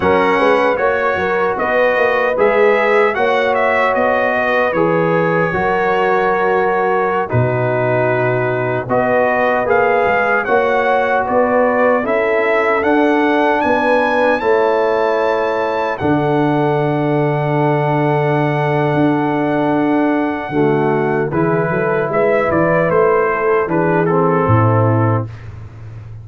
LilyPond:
<<
  \new Staff \with { instrumentName = "trumpet" } { \time 4/4 \tempo 4 = 76 fis''4 cis''4 dis''4 e''4 | fis''8 e''8 dis''4 cis''2~ | cis''4~ cis''16 b'2 dis''8.~ | dis''16 f''4 fis''4 d''4 e''8.~ |
e''16 fis''4 gis''4 a''4.~ a''16~ | a''16 fis''2.~ fis''8.~ | fis''2. b'4 | e''8 d''8 c''4 b'8 a'4. | }
  \new Staff \with { instrumentName = "horn" } { \time 4/4 ais'8 b'8 cis''8 ais'8 b'2 | cis''4. b'4. ais'4~ | ais'4~ ais'16 fis'2 b'8.~ | b'4~ b'16 cis''4 b'4 a'8.~ |
a'4~ a'16 b'4 cis''4.~ cis''16~ | cis''16 a'2.~ a'8.~ | a'2 fis'4 gis'8 a'8 | b'4. a'8 gis'4 e'4 | }
  \new Staff \with { instrumentName = "trombone" } { \time 4/4 cis'4 fis'2 gis'4 | fis'2 gis'4 fis'4~ | fis'4~ fis'16 dis'2 fis'8.~ | fis'16 gis'4 fis'2 e'8.~ |
e'16 d'2 e'4.~ e'16~ | e'16 d'2.~ d'8.~ | d'2 a4 e'4~ | e'2 d'8 c'4. | }
  \new Staff \with { instrumentName = "tuba" } { \time 4/4 fis8 gis8 ais8 fis8 b8 ais8 gis4 | ais4 b4 e4 fis4~ | fis4~ fis16 b,2 b8.~ | b16 ais8 gis8 ais4 b4 cis'8.~ |
cis'16 d'4 b4 a4.~ a16~ | a16 d2.~ d8. | d'2 d4 e8 fis8 | gis8 e8 a4 e4 a,4 | }
>>